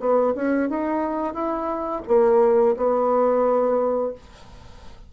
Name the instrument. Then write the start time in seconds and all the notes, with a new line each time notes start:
bassoon
0.00 B3
0.36 C#4
0.69 D#4
1.34 E4
2.08 A#3
2.76 B3